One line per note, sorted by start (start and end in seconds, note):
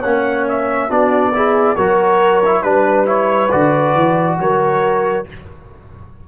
0.00 0.91 A#3
0.00 0.90 C#4
0.00 0.87 C#5
0.00 0.46 F#5
0.49 0.91 E5
0.90 1.78 B3
0.90 1.33 D4
0.90 1.34 F#4
0.90 1.76 D5
1.34 1.77 E4
1.34 1.78 G#4
1.76 2.64 F#3
1.76 2.43 F#4
1.76 2.63 A#4
1.76 2.63 C#5
2.46 2.64 E4
2.63 3.51 G3
2.63 3.07 D4
2.63 3.06 B4
2.63 4.37 B4
3.07 3.50 E4
3.07 3.52 C#5
3.52 3.95 D3
3.52 5.26 F#4
3.52 4.39 D5
3.95 4.38 E3
4.40 5.27 F#3
4.40 5.29 A#4
4.40 5.27 C#5